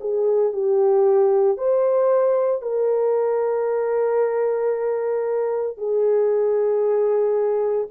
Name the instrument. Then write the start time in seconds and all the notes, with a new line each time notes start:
horn
0.00 G#4
0.52 G4
1.57 C5
2.62 A#4
5.77 G#4